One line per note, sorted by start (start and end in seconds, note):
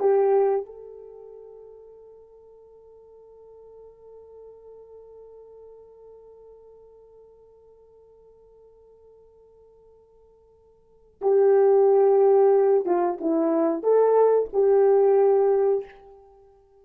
0.00 0.66 G4
0.66 11.21 A4
11.21 12.85 G4
12.85 13.18 F4
13.21 13.83 E4
13.83 14.49 A4
14.53 15.85 G4